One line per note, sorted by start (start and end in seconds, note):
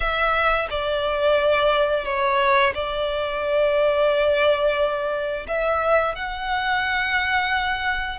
0.00 0.68 E5
0.69 2.05 D5
2.05 2.73 C#5
2.74 5.47 D5
5.47 6.15 E5
6.15 8.18 F#5